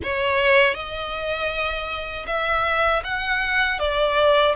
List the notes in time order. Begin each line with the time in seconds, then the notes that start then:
0.03 C#5
0.74 D#5
2.26 E5
3.03 F#5
3.79 D5